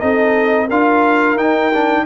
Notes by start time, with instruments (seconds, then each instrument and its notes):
0.00 tuba C4, trombone D#4, horn A4, trumpet D#5
0.66 tuba D4, trombone F4, horn A#4, trumpet F5
1.36 tuba D#4, trombone D#4, trumpet G5
1.74 trombone D4